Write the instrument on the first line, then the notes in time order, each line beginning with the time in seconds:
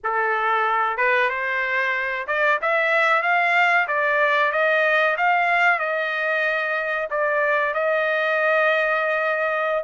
trumpet
0.03 A4
0.97 B4
1.29 C5
2.27 D5
2.61 E5
3.22 F5
3.87 D5
4.52 D#5
5.17 F5
5.79 D#5
7.10 D5
7.74 D#5